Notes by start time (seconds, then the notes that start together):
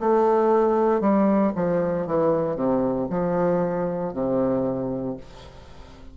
0.00 A3
1.01 G3
1.56 F3
2.07 E3
2.56 C3
3.10 F3
4.14 C3